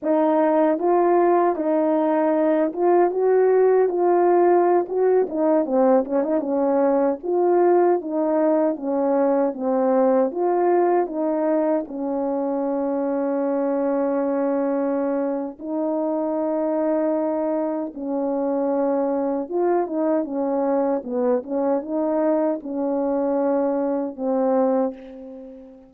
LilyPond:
\new Staff \with { instrumentName = "horn" } { \time 4/4 \tempo 4 = 77 dis'4 f'4 dis'4. f'8 | fis'4 f'4~ f'16 fis'8 dis'8 c'8 cis'16 | dis'16 cis'4 f'4 dis'4 cis'8.~ | cis'16 c'4 f'4 dis'4 cis'8.~ |
cis'1 | dis'2. cis'4~ | cis'4 f'8 dis'8 cis'4 b8 cis'8 | dis'4 cis'2 c'4 | }